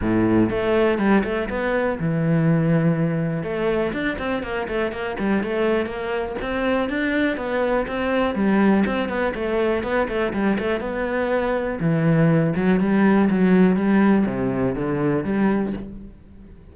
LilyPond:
\new Staff \with { instrumentName = "cello" } { \time 4/4 \tempo 4 = 122 a,4 a4 g8 a8 b4 | e2. a4 | d'8 c'8 ais8 a8 ais8 g8 a4 | ais4 c'4 d'4 b4 |
c'4 g4 c'8 b8 a4 | b8 a8 g8 a8 b2 | e4. fis8 g4 fis4 | g4 c4 d4 g4 | }